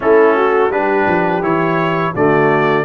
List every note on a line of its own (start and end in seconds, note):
0.00 0.69 A3
0.00 0.70 C#4
0.00 0.36 E4
0.00 0.71 A4
0.36 0.70 F#4
0.69 1.05 G3
0.69 1.42 D4
0.69 2.13 G4
0.69 1.43 B4
1.07 1.42 F3
1.42 2.13 E3
1.42 2.14 E4
1.42 2.14 C#5
2.13 2.84 D3
2.13 2.84 A3
2.13 2.84 F#4
2.13 2.84 D5